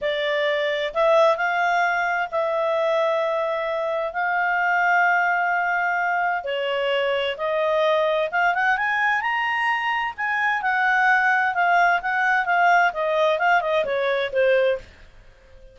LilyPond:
\new Staff \with { instrumentName = "clarinet" } { \time 4/4 \tempo 4 = 130 d''2 e''4 f''4~ | f''4 e''2.~ | e''4 f''2.~ | f''2 cis''2 |
dis''2 f''8 fis''8 gis''4 | ais''2 gis''4 fis''4~ | fis''4 f''4 fis''4 f''4 | dis''4 f''8 dis''8 cis''4 c''4 | }